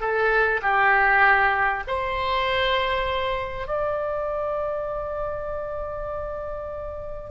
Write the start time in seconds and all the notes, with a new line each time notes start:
0.00 A4
0.62 G4
1.87 C5
3.67 D5